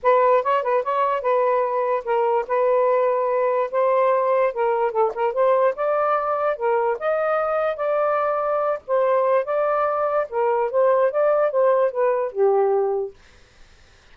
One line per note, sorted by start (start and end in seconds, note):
0.02 0.42 B4
0.42 0.62 C#5
0.62 0.83 B4
0.83 1.21 C#5
1.21 2.03 B4
2.04 2.45 A#4
2.47 3.70 B4
3.71 4.53 C5
4.53 4.91 A#4
4.91 5.12 A4
5.14 5.33 A#4
5.33 5.74 C5
5.75 6.56 D5
6.56 6.97 A#4
6.99 7.76 D#5
7.76 8.79 D5
8.87 9.44 C5
9.44 10.26 D5
10.29 10.70 A#4
10.71 11.11 C5
11.11 11.50 D5
11.50 11.91 C5
11.91 12.31 B4
12.31 13.14 G4